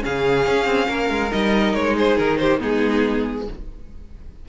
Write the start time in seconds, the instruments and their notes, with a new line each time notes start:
0.00 cello C#3, viola C#4, violin G#4 F5
0.47 cello C#4
0.66 cello C4
0.88 cello A#3, violin A#4
1.10 cello G#3
1.32 cello G3, viola D#4, violin D#5
1.74 cello G#3, violin C#5
1.98 violin G#4 C5
2.18 cello D#3, violin A#4
2.38 violin G4 C5
2.60 cello G#3, viola B3, violin D#4 G#4